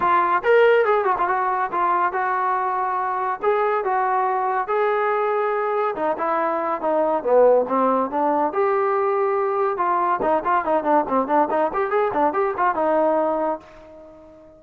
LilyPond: \new Staff \with { instrumentName = "trombone" } { \time 4/4 \tempo 4 = 141 f'4 ais'4 gis'8 fis'16 f'16 fis'4 | f'4 fis'2. | gis'4 fis'2 gis'4~ | gis'2 dis'8 e'4. |
dis'4 b4 c'4 d'4 | g'2. f'4 | dis'8 f'8 dis'8 d'8 c'8 d'8 dis'8 g'8 | gis'8 d'8 g'8 f'8 dis'2 | }